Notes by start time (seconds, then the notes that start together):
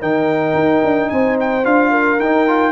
0.00 D#3 D#4 A#4 G5
0.54 D#4
0.84 D4
1.09 C4 C5 G#5
1.40 G5
1.64 D4 F4 F5
1.91 A#4
2.19 D#4 G5
2.47 F4